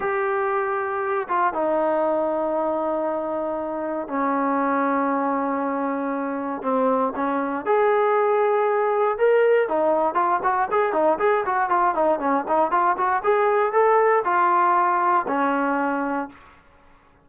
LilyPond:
\new Staff \with { instrumentName = "trombone" } { \time 4/4 \tempo 4 = 118 g'2~ g'8 f'8 dis'4~ | dis'1 | cis'1~ | cis'4 c'4 cis'4 gis'4~ |
gis'2 ais'4 dis'4 | f'8 fis'8 gis'8 dis'8 gis'8 fis'8 f'8 dis'8 | cis'8 dis'8 f'8 fis'8 gis'4 a'4 | f'2 cis'2 | }